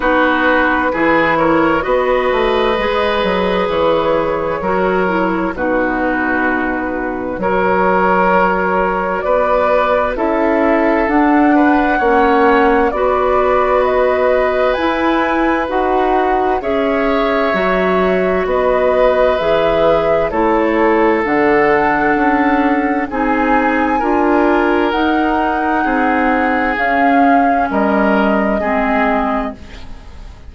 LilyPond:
<<
  \new Staff \with { instrumentName = "flute" } { \time 4/4 \tempo 4 = 65 b'4. cis''8 dis''2 | cis''2 b'2 | cis''2 d''4 e''4 | fis''2 d''4 dis''4 |
gis''4 fis''4 e''2 | dis''4 e''4 cis''4 fis''4~ | fis''4 gis''2 fis''4~ | fis''4 f''4 dis''2 | }
  \new Staff \with { instrumentName = "oboe" } { \time 4/4 fis'4 gis'8 ais'8 b'2~ | b'4 ais'4 fis'2 | ais'2 b'4 a'4~ | a'8 b'8 cis''4 b'2~ |
b'2 cis''2 | b'2 a'2~ | a'4 gis'4 ais'2 | gis'2 ais'4 gis'4 | }
  \new Staff \with { instrumentName = "clarinet" } { \time 4/4 dis'4 e'4 fis'4 gis'4~ | gis'4 fis'8 e'8 dis'2 | fis'2. e'4 | d'4 cis'4 fis'2 |
e'4 fis'4 gis'4 fis'4~ | fis'4 gis'4 e'4 d'4~ | d'4 dis'4 f'4 dis'4~ | dis'4 cis'2 c'4 | }
  \new Staff \with { instrumentName = "bassoon" } { \time 4/4 b4 e4 b8 a8 gis8 fis8 | e4 fis4 b,2 | fis2 b4 cis'4 | d'4 ais4 b2 |
e'4 dis'4 cis'4 fis4 | b4 e4 a4 d4 | cis'4 c'4 d'4 dis'4 | c'4 cis'4 g4 gis4 | }
>>